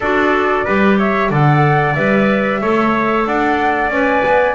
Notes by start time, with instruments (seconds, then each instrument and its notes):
0.00 double bass D4, clarinet F#4, trumpet A4, flute D5
0.65 double bass G3, clarinet G4, trumpet B4
0.97 trumpet C#5, flute E5
1.30 double bass D3, clarinet A4, trumpet D5, flute F#5
1.94 double bass G3, clarinet B4, flute E5
2.61 double bass A3, clarinet A4, trumpet C#5
3.25 double bass D4, trumpet D5, flute F#5
3.89 double bass C#4, clarinet B4, flute G#5
4.24 double bass B3